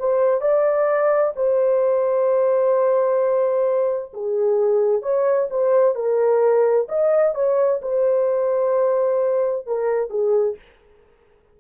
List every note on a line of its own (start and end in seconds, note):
0.00 0.42 C5
0.42 1.34 D5
1.36 4.13 C5
4.14 5.03 G#4
5.03 5.49 C#5
5.50 5.96 C5
5.96 6.88 A#4
6.89 7.35 D#5
7.35 7.81 C#5
7.83 9.67 C5
9.67 10.10 A#4
10.10 10.57 G#4